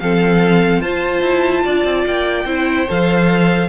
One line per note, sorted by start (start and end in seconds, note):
0.00 0.81 F3
0.00 0.85 C4
0.00 0.82 A4
0.00 0.82 F5
0.81 1.22 F4
0.81 2.47 F4
0.81 1.64 C5
0.81 2.05 A5
1.22 1.63 E4
1.64 1.85 D4
1.64 2.46 D5
1.85 2.05 C4
2.07 2.45 A#3
2.07 2.89 G5
2.45 2.86 C4
2.45 2.88 E4
2.45 3.69 C5
2.89 3.69 F3
2.89 3.69 A4
2.89 3.69 F5